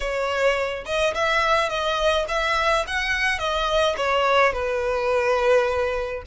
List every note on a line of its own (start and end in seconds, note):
0.00 0.84 C#5
0.85 1.13 D#5
1.14 1.69 E5
1.69 2.25 D#5
2.28 2.85 E5
2.87 3.39 F#5
3.39 3.95 D#5
3.96 4.53 C#5
4.53 6.22 B4